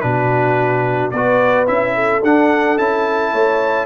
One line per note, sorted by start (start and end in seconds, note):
0.00 1.13 B2
0.00 1.12 D4
0.00 1.14 F#4
0.00 1.10 B4
1.11 1.68 B3
1.11 1.66 F#4
1.11 1.94 B4
1.11 1.66 D5
1.66 2.23 C#4
1.66 2.21 E4
1.66 2.22 E5
1.94 3.32 A4
2.23 2.78 D4
2.23 2.78 F#5
2.78 3.33 C#4
2.78 3.86 E4
2.78 3.86 A5
3.32 3.86 A3
3.32 3.86 C#5